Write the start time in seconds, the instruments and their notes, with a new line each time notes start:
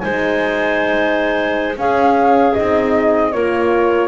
0.00 double bass G#3, horn D#4, clarinet C5, flute G#5
1.76 double bass C#4, horn C#4, clarinet G#4, flute F5
2.54 double bass C4, horn D#4, flute D#5
3.32 double bass A#3, horn F4, clarinet A#4, flute C#5